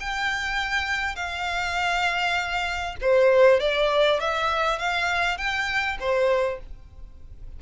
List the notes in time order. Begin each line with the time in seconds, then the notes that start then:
0.00 G5
1.16 F5
3.01 C5
3.60 D5
4.20 E5
4.79 F5
5.38 G5
6.00 C5